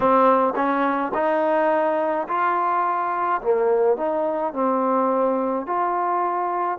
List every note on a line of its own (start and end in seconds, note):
0.00 0.54 C4
0.55 1.12 C#4
1.13 2.26 D#4
2.27 3.41 F4
3.42 3.96 A#3
3.96 4.53 D#4
4.53 5.66 C4
5.66 6.78 F4